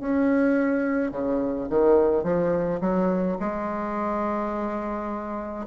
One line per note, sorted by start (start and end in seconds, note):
0.00 1.12 C#4
1.12 1.68 C#3
1.69 2.23 D#3
2.23 2.80 F3
2.81 3.38 F#3
3.40 5.67 G#3